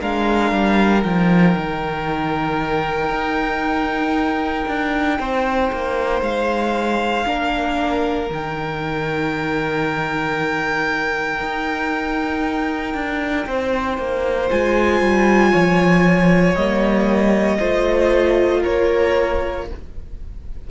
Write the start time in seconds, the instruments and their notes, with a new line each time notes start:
0.00 cello G#3, viola D4, violin A#4 F5
0.52 cello G3
1.03 cello F3, viola D#4, violin G5
1.57 cello D#3
3.10 cello D#4
4.68 cello D4
5.19 cello C4, violin C5
5.73 cello A#3
6.21 cello G#3, violin F5
7.26 cello A#3, viola D4, violin A#4
8.27 cello D#3, viola D#4
8.33 violin G5
11.40 cello D#4
12.94 cello D4
13.47 cello C4, violin C5
13.98 cello A#3
14.50 cello G#3, viola F4, violin G#5
15.01 cello G3
15.52 cello F3, violin C#5
16.55 cello G3, viola A#3, violin D#5
17.59 cello A3, viola F4, violin C5
18.61 violin A#4 C#5
18.67 cello A#3